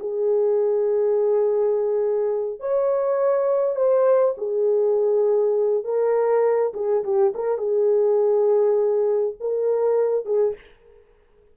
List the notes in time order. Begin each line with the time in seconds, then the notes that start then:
0.00 G#4
2.60 C#5
3.76 C5
4.38 G#4
5.85 A#4
6.74 G#4
7.04 G4
7.35 A#4
7.58 G#4
9.41 A#4
10.26 G#4